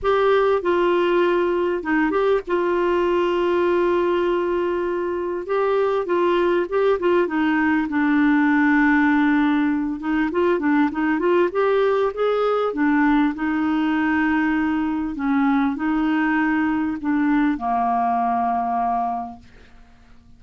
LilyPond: \new Staff \with { instrumentName = "clarinet" } { \time 4/4 \tempo 4 = 99 g'4 f'2 dis'8 g'8 | f'1~ | f'4 g'4 f'4 g'8 f'8 | dis'4 d'2.~ |
d'8 dis'8 f'8 d'8 dis'8 f'8 g'4 | gis'4 d'4 dis'2~ | dis'4 cis'4 dis'2 | d'4 ais2. | }